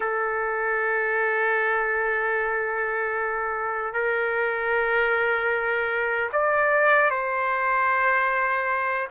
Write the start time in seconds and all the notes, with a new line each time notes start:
0.00 A4
3.93 A#4
6.32 D5
7.10 C5